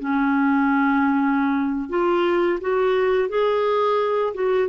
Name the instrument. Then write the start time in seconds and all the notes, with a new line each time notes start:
clarinet
0.00 C#4
1.90 F4
2.61 F#4
3.29 G#4
4.34 F#4